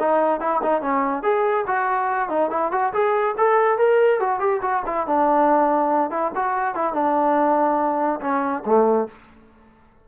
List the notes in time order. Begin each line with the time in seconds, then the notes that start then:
0.00 D#4
0.41 E4
0.63 D#4
0.82 C#4
1.23 G#4
1.67 F#4
2.30 D#4
2.51 E4
2.72 F#4
2.93 G#4
3.38 A4
3.79 A#4
4.20 F#4
4.40 G4
4.62 F#4
4.86 E4
5.07 D4
6.11 E4
6.36 F#4
6.75 E4
6.94 D4
8.21 C#4
8.66 A3